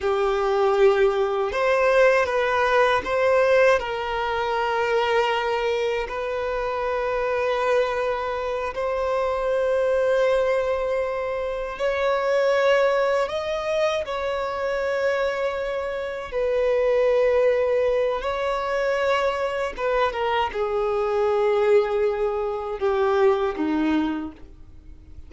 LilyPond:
\new Staff \with { instrumentName = "violin" } { \time 4/4 \tempo 4 = 79 g'2 c''4 b'4 | c''4 ais'2. | b'2.~ b'8 c''8~ | c''2.~ c''8 cis''8~ |
cis''4. dis''4 cis''4.~ | cis''4. b'2~ b'8 | cis''2 b'8 ais'8 gis'4~ | gis'2 g'4 dis'4 | }